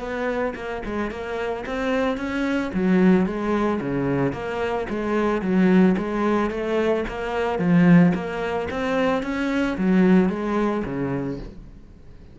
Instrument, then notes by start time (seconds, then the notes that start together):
cello
0.00 B3
0.55 A#3
0.86 G#3
1.11 A#3
1.66 C4
2.17 C#4
2.74 F#3
3.26 G#3
3.81 C#3
4.33 A#3
4.89 G#3
5.42 F#3
5.98 G#3
6.50 A3
7.08 A#3
7.59 F3
8.14 A#3
8.71 C4
9.23 C#4
9.78 F#3
10.29 G#3
10.85 C#3